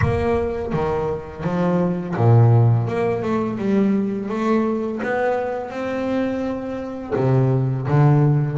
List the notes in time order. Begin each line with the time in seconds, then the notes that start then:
0.01 A#3
0.72 D#3
1.43 F3
2.16 A#2
2.87 A#3
3.22 A3
3.57 G3
4.29 A3
5.02 B3
5.70 C4
7.15 C3
7.87 D3